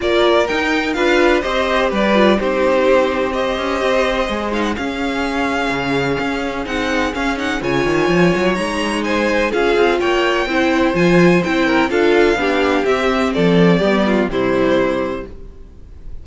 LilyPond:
<<
  \new Staff \with { instrumentName = "violin" } { \time 4/4 \tempo 4 = 126 d''4 g''4 f''4 dis''4 | d''4 c''2 dis''4~ | dis''4. f''16 fis''16 f''2~ | f''2 fis''4 f''8 fis''8 |
gis''2 ais''4 gis''4 | f''4 g''2 gis''4 | g''4 f''2 e''4 | d''2 c''2 | }
  \new Staff \with { instrumentName = "violin" } { \time 4/4 ais'2 b'4 c''4 | b'4 g'2 c''4~ | c''2 gis'2~ | gis'1 |
cis''2. c''4 | gis'4 cis''4 c''2~ | c''8 ais'8 a'4 g'2 | a'4 g'8 f'8 e'2 | }
  \new Staff \with { instrumentName = "viola" } { \time 4/4 f'4 dis'4 f'4 g'4~ | g'8 f'8 dis'2 g'4~ | g'4 gis'8 dis'8 cis'2~ | cis'2 dis'4 cis'8 dis'8 |
f'2 dis'2 | f'2 e'4 f'4 | e'4 f'4 d'4 c'4~ | c'4 b4 g2 | }
  \new Staff \with { instrumentName = "cello" } { \time 4/4 ais4 dis'4 d'4 c'4 | g4 c'2~ c'8 cis'8 | c'4 gis4 cis'2 | cis4 cis'4 c'4 cis'4 |
cis8 dis8 f8 fis8 gis2 | cis'8 c'8 ais4 c'4 f4 | c'4 d'4 b4 c'4 | f4 g4 c2 | }
>>